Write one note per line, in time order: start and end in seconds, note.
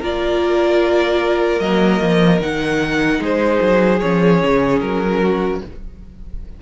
0.00 1.60 A#3
0.00 1.62 F4
0.00 3.20 A#4
0.00 1.60 D5
1.60 2.00 F#3
1.60 2.40 A#3
1.60 2.40 D#5
2.01 2.41 F3
2.40 3.19 D#3
2.40 4.00 D#4
2.40 3.23 F#5
3.19 3.59 G#3
3.19 5.22 G#4
3.19 4.00 C5
3.62 4.02 F#3
4.00 4.43 F3
4.00 5.62 C#4
4.00 4.79 C#5
4.43 4.81 C#3
4.81 5.61 F#3
4.81 5.61 A#4
5.22 5.62 F#4